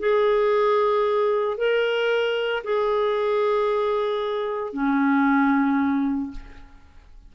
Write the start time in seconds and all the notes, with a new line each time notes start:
0.00 G#4
1.58 A#4
2.64 G#4
4.73 C#4